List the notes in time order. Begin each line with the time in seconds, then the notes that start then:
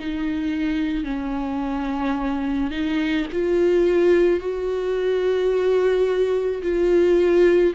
0.00 D#4
1.05 C#4
2.71 D#4
3.33 F4
4.40 F#4
6.63 F4